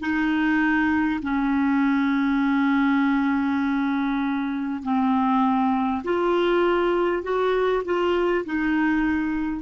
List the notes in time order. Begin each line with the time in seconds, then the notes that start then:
0.00 D#4
1.23 C#4
4.83 C4
6.04 F4
7.23 F#4
7.85 F4
8.45 D#4